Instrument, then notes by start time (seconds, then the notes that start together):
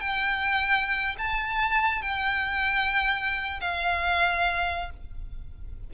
violin
0.00 G5
1.18 A5
2.01 G5
3.60 F5